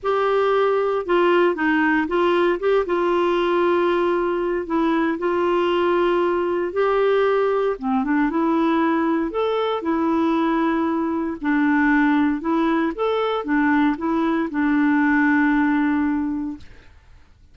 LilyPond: \new Staff \with { instrumentName = "clarinet" } { \time 4/4 \tempo 4 = 116 g'2 f'4 dis'4 | f'4 g'8 f'2~ f'8~ | f'4 e'4 f'2~ | f'4 g'2 c'8 d'8 |
e'2 a'4 e'4~ | e'2 d'2 | e'4 a'4 d'4 e'4 | d'1 | }